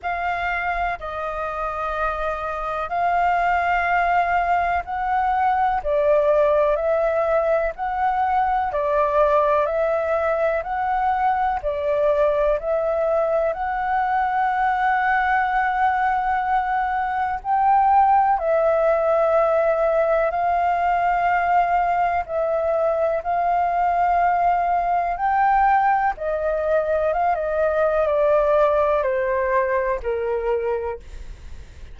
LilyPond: \new Staff \with { instrumentName = "flute" } { \time 4/4 \tempo 4 = 62 f''4 dis''2 f''4~ | f''4 fis''4 d''4 e''4 | fis''4 d''4 e''4 fis''4 | d''4 e''4 fis''2~ |
fis''2 g''4 e''4~ | e''4 f''2 e''4 | f''2 g''4 dis''4 | f''16 dis''8. d''4 c''4 ais'4 | }